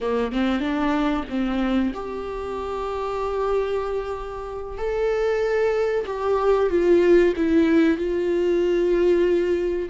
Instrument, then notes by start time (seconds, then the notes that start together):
viola
0.01 A#3
0.32 C4
0.60 D4
1.29 C4
1.94 G4
4.77 A4
6.06 G4
6.70 F4
7.36 E4
7.97 F4